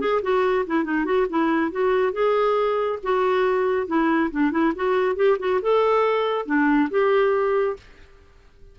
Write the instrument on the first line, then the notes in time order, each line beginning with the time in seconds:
clarinet
0.00 G#4
0.22 F#4
0.67 E4
0.85 D#4
1.05 F#4
1.30 E4
1.72 F#4
2.13 G#4
3.03 F#4
3.87 E4
4.31 D4
4.52 E4
4.76 F#4
5.16 G4
5.39 F#4
5.62 A4
6.46 D4
6.91 G4